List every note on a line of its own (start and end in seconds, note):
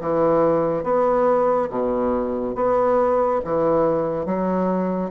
0.00 0.83 E3
0.83 1.69 B3
1.69 2.55 B2
2.55 3.41 B3
3.44 4.25 E3
4.25 5.11 F#3